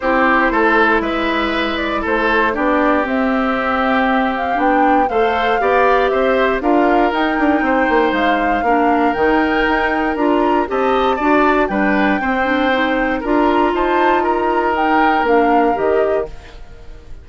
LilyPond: <<
  \new Staff \with { instrumentName = "flute" } { \time 4/4 \tempo 4 = 118 c''2 e''4. d''8 | c''4 d''4 e''2~ | e''8 f''8 g''4 f''2 | e''4 f''4 g''2 |
f''2 g''2 | ais''4 a''2 g''4~ | g''2 ais''4 a''4 | ais''4 g''4 f''4 dis''4 | }
  \new Staff \with { instrumentName = "oboe" } { \time 4/4 g'4 a'4 b'2 | a'4 g'2.~ | g'2 c''4 d''4 | c''4 ais'2 c''4~ |
c''4 ais'2.~ | ais'4 dis''4 d''4 b'4 | c''2 ais'4 c''4 | ais'1 | }
  \new Staff \with { instrumentName = "clarinet" } { \time 4/4 e'1~ | e'4 d'4 c'2~ | c'4 d'4 a'4 g'4~ | g'4 f'4 dis'2~ |
dis'4 d'4 dis'2 | f'4 g'4 fis'4 d'4 | c'8 d'8 dis'4 f'2~ | f'4 dis'4 d'4 g'4 | }
  \new Staff \with { instrumentName = "bassoon" } { \time 4/4 c'4 a4 gis2 | a4 b4 c'2~ | c'4 b4 a4 b4 | c'4 d'4 dis'8 d'8 c'8 ais8 |
gis4 ais4 dis4 dis'4 | d'4 c'4 d'4 g4 | c'2 d'4 dis'4~ | dis'2 ais4 dis4 | }
>>